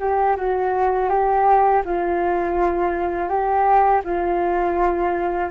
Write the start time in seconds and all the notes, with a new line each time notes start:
0.00 G4
0.37 F#4
1.10 G4
1.86 F4
3.29 G4
4.05 F4